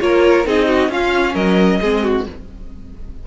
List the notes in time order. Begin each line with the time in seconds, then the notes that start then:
0.00 A#3 F4 A#4 C#5
0.45 C4 D#4 G#4 D#5
0.68 F#4
0.89 C#4 F4 F5
1.34 F#3 A#4 D#5
1.81 G#3 C4 G#4
2.03 F#4